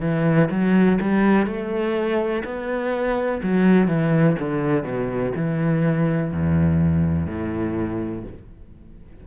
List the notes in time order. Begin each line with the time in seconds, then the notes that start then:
0.00 E3
0.50 F#3
1.00 G3
1.46 A3
2.44 B3
3.42 F#3
3.87 E3
4.39 D3
4.83 B2
5.35 E3
6.31 E2
7.26 A2